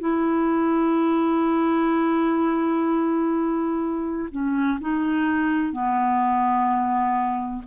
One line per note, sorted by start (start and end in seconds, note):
0.00 4.29 E4
4.31 4.79 C#4
4.81 5.72 D#4
5.72 7.63 B3